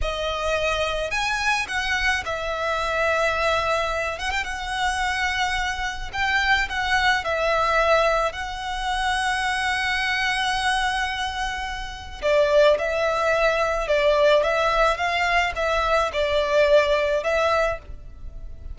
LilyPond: \new Staff \with { instrumentName = "violin" } { \time 4/4 \tempo 4 = 108 dis''2 gis''4 fis''4 | e''2.~ e''8 fis''16 g''16 | fis''2. g''4 | fis''4 e''2 fis''4~ |
fis''1~ | fis''2 d''4 e''4~ | e''4 d''4 e''4 f''4 | e''4 d''2 e''4 | }